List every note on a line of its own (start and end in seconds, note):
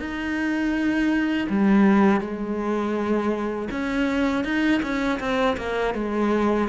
0.00 1.48 D#4
1.49 2.21 G3
2.21 3.69 G#3
3.71 4.44 C#4
4.44 4.81 D#4
4.83 5.20 C#4
5.20 5.57 C4
5.57 5.94 A#3
5.95 6.69 G#3